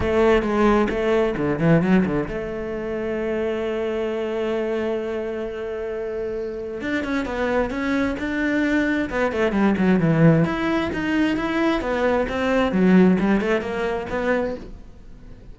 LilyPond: \new Staff \with { instrumentName = "cello" } { \time 4/4 \tempo 4 = 132 a4 gis4 a4 d8 e8 | fis8 d8 a2.~ | a1~ | a2. d'8 cis'8 |
b4 cis'4 d'2 | b8 a8 g8 fis8 e4 e'4 | dis'4 e'4 b4 c'4 | fis4 g8 a8 ais4 b4 | }